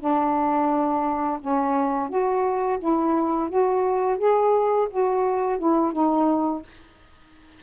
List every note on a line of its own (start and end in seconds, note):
0.00 1.40 D4
1.41 2.10 C#4
2.10 2.79 F#4
2.80 3.49 E4
3.50 4.19 F#4
4.19 4.88 G#4
4.91 5.59 F#4
5.59 5.93 E4
5.93 6.63 D#4